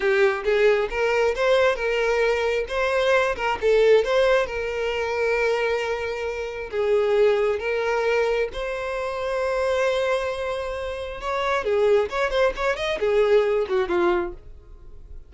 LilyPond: \new Staff \with { instrumentName = "violin" } { \time 4/4 \tempo 4 = 134 g'4 gis'4 ais'4 c''4 | ais'2 c''4. ais'8 | a'4 c''4 ais'2~ | ais'2. gis'4~ |
gis'4 ais'2 c''4~ | c''1~ | c''4 cis''4 gis'4 cis''8 c''8 | cis''8 dis''8 gis'4. fis'8 f'4 | }